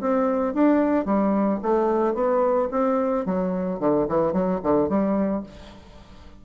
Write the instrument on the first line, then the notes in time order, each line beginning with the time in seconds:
bassoon
0.00 C4
0.54 D4
1.05 G3
1.62 A3
2.14 B3
2.71 C4
3.25 F#3
3.79 D3
4.08 E3
4.32 F#3
4.63 D3
4.88 G3